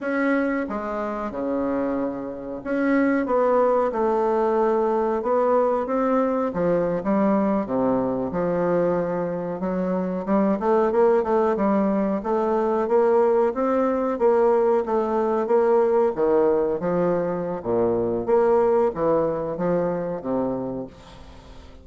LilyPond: \new Staff \with { instrumentName = "bassoon" } { \time 4/4 \tempo 4 = 92 cis'4 gis4 cis2 | cis'4 b4 a2 | b4 c'4 f8. g4 c16~ | c8. f2 fis4 g16~ |
g16 a8 ais8 a8 g4 a4 ais16~ | ais8. c'4 ais4 a4 ais16~ | ais8. dis4 f4~ f16 ais,4 | ais4 e4 f4 c4 | }